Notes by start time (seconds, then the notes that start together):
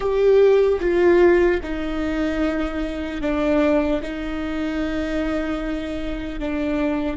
0.00 G4
0.80 F4
1.63 D#4
3.21 D4
4.02 D#4
6.39 D4